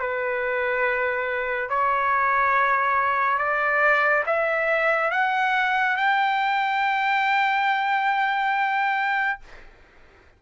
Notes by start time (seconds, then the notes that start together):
0.00 B4
1.69 C#5
3.39 D5
4.26 E5
5.12 F#5
5.97 G5